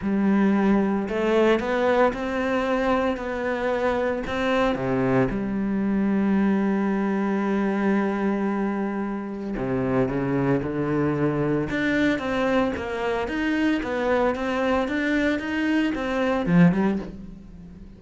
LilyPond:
\new Staff \with { instrumentName = "cello" } { \time 4/4 \tempo 4 = 113 g2 a4 b4 | c'2 b2 | c'4 c4 g2~ | g1~ |
g2 c4 cis4 | d2 d'4 c'4 | ais4 dis'4 b4 c'4 | d'4 dis'4 c'4 f8 g8 | }